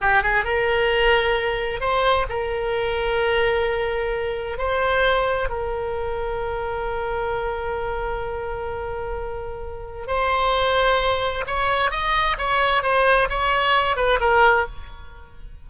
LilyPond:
\new Staff \with { instrumentName = "oboe" } { \time 4/4 \tempo 4 = 131 g'8 gis'8 ais'2. | c''4 ais'2.~ | ais'2 c''2 | ais'1~ |
ais'1~ | ais'2 c''2~ | c''4 cis''4 dis''4 cis''4 | c''4 cis''4. b'8 ais'4 | }